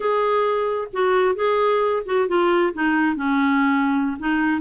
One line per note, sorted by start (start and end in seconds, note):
0.00 0.88 G#4
0.92 1.35 F#4
1.35 2.02 G#4
2.05 2.28 F#4
2.28 2.73 F4
2.73 3.15 D#4
3.15 4.17 C#4
4.19 4.61 D#4